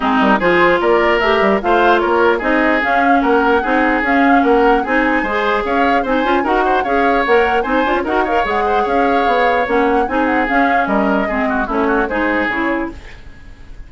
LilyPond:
<<
  \new Staff \with { instrumentName = "flute" } { \time 4/4 \tempo 4 = 149 gis'8 ais'8 c''4 d''4 e''4 | f''4 cis''4 dis''4 f''4 | fis''2 f''4 fis''4 | gis''2 f''4 gis''4 |
fis''4 f''4 fis''4 gis''4 | fis''8 f''8 fis''4 f''2 | fis''4 gis''8 fis''8 f''4 dis''4~ | dis''4 cis''4 c''4 cis''4 | }
  \new Staff \with { instrumentName = "oboe" } { \time 4/4 dis'4 gis'4 ais'2 | c''4 ais'4 gis'2 | ais'4 gis'2 ais'4 | gis'4 c''4 cis''4 c''4 |
ais'8 c''8 cis''2 c''4 | ais'8 cis''4 c''8 cis''2~ | cis''4 gis'2 ais'4 | gis'8 fis'8 e'8 fis'8 gis'2 | }
  \new Staff \with { instrumentName = "clarinet" } { \time 4/4 c'4 f'2 g'4 | f'2 dis'4 cis'4~ | cis'4 dis'4 cis'2 | dis'4 gis'2 dis'8 f'8 |
fis'4 gis'4 ais'4 dis'8 f'8 | fis'8 ais'8 gis'2. | cis'4 dis'4 cis'2 | c'4 cis'4 dis'4 e'4 | }
  \new Staff \with { instrumentName = "bassoon" } { \time 4/4 gis8 g8 f4 ais4 a8 g8 | a4 ais4 c'4 cis'4 | ais4 c'4 cis'4 ais4 | c'4 gis4 cis'4 c'8 cis'8 |
dis'4 cis'4 ais4 c'8 d'16 cis'16 | dis'4 gis4 cis'4 b4 | ais4 c'4 cis'4 g4 | gis4 a4 gis4 cis4 | }
>>